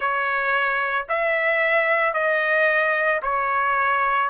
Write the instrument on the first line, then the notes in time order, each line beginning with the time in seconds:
trumpet
0.00 C#5
1.09 E5
2.13 D#5
3.22 C#5